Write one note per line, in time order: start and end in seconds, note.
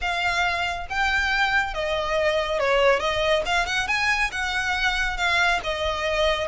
0.01 0.87 F5
0.89 1.74 G5
1.74 2.59 D#5
2.59 2.99 C#5
2.99 3.42 D#5
3.45 3.66 F5
3.66 3.87 F#5
3.87 4.30 G#5
4.31 5.17 F#5
5.17 5.60 F5
5.63 6.47 D#5